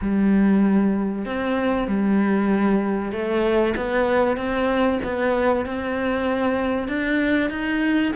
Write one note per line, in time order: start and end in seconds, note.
0.01 1.25 G3
1.25 1.87 C4
1.87 3.11 G3
3.11 3.74 A3
3.76 4.36 B3
4.36 4.99 C4
5.03 5.65 B3
5.65 6.88 C4
6.88 7.49 D4
7.49 8.12 D#4